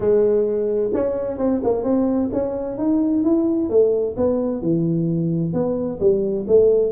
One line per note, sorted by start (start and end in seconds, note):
0.00 0.91 G#3
0.93 1.38 C#4
1.38 1.61 C4
1.63 1.83 A#3
1.83 2.30 C4
2.32 2.77 C#4
2.77 3.23 D#4
3.23 3.69 E4
3.69 4.15 A3
4.16 4.61 B3
4.61 5.53 E3
5.53 5.99 B3
5.99 6.46 G3
6.47 6.92 A3